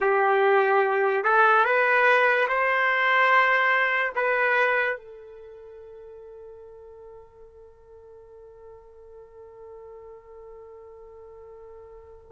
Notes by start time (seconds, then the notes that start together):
0.00 G4
1.24 A4
1.64 B4
2.48 C5
4.15 B4
4.96 A4